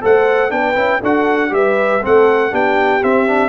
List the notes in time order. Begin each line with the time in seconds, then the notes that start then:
0.00 A3 A4 C5 F#5
0.49 B3 D4 B4 G5
0.74 C#4 E4
1.00 D4 F#4 A4 F#5
1.49 G3 G4 B4 E5
2.02 A3 C4 A4 F#5
2.50 B3 D4 G4 G5
3.02 C4 E5
3.27 D4